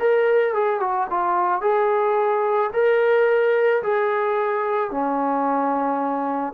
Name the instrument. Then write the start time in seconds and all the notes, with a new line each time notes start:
trombone
0.00 A#4
0.54 G#4
0.80 F#4
1.10 F4
1.61 G#4
2.73 A#4
3.83 G#4
4.91 C#4